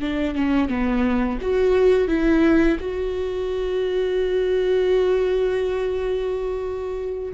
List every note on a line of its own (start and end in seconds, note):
0.00 0.35 D4
0.35 0.68 C#4
0.68 1.38 B3
1.41 2.08 F#4
2.08 2.77 E4
2.80 7.33 F#4